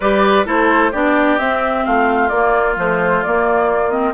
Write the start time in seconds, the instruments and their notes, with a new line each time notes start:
0.00 bassoon G3, clarinet G4, oboe B4, flute D5
0.45 bassoon A3, clarinet E4, oboe A4, flute C5
0.91 bassoon B3, clarinet D4, oboe G4, flute D5
1.38 clarinet C4, bassoon C4, flute E5
1.84 bassoon A3, oboe F4, flute F5
2.28 bassoon A#3, clarinet A#3, flute D5
2.75 clarinet F3, bassoon A3, flute C5
3.23 clarinet A#3, bassoon A#3, flute D5
3.90 clarinet C4, flute D#5